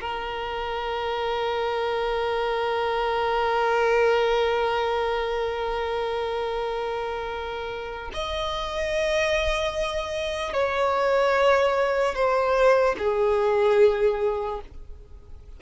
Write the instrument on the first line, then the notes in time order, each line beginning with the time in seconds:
violin
0.00 A#4
8.13 D#5
10.53 C#5
12.14 C5
12.98 G#4